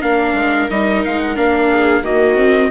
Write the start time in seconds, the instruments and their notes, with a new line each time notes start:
0.00 bassoon A#3, viola D4 A#4, trumpet F5
0.34 bassoon G#3
0.70 bassoon G3, viola D#4, trumpet D#5
1.05 bassoon G#3, trumpet F5
1.20 trumpet F#5
1.36 bassoon A#3, viola D4, trumpet F5
1.69 viola G#4
2.01 bassoon D#3, viola A#3 F#4, trumpet D#5
2.36 viola C4